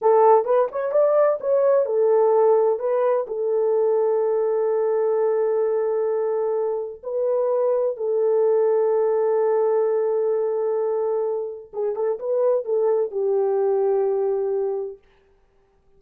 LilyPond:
\new Staff \with { instrumentName = "horn" } { \time 4/4 \tempo 4 = 128 a'4 b'8 cis''8 d''4 cis''4 | a'2 b'4 a'4~ | a'1~ | a'2. b'4~ |
b'4 a'2.~ | a'1~ | a'4 gis'8 a'8 b'4 a'4 | g'1 | }